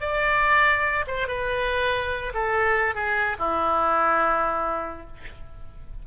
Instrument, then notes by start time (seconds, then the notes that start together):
oboe
0.00 D5
1.07 C5
1.28 B4
2.34 A4
2.94 G#4
3.39 E4